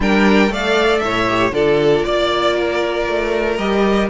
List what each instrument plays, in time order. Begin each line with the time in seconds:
0.00 cello G3, viola D4, violin A#4 G5
0.49 cello A3, viola A4, violin D5 F5
0.98 cello A2, violin C#5 E5
1.28 viola G4
1.51 cello D3, viola F4, violin A4 D5
2.04 cello A#3, violin D5
2.56 violin A#4
3.07 cello A3
3.57 cello G3, viola G4, violin D#5